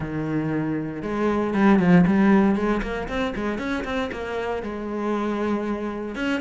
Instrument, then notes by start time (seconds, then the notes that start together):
cello
0.00 D#3
1.02 G#3
1.54 G3
1.79 F3
2.06 G3
2.55 G#3
2.82 A#3
3.08 C4
3.35 G#3
3.58 C#4
3.84 C4
4.12 A#3
4.62 G#3
6.15 C#4